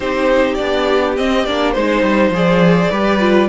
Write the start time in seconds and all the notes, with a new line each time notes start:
0.00 C4 D#4 G4 C5
0.54 D4 D5
0.60 B3
1.16 C4 D#5
1.45 A#3 D4 D5
1.71 G#3 D#4 C5
2.02 G3
2.29 F3 G#4 D5
2.90 G3 G4 B4
3.19 F4